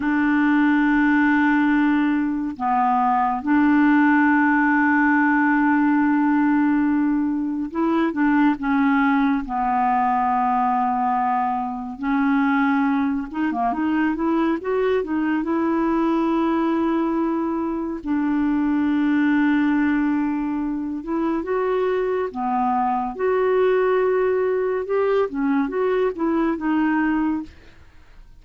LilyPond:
\new Staff \with { instrumentName = "clarinet" } { \time 4/4 \tempo 4 = 70 d'2. b4 | d'1~ | d'4 e'8 d'8 cis'4 b4~ | b2 cis'4. dis'16 ais16 |
dis'8 e'8 fis'8 dis'8 e'2~ | e'4 d'2.~ | d'8 e'8 fis'4 b4 fis'4~ | fis'4 g'8 cis'8 fis'8 e'8 dis'4 | }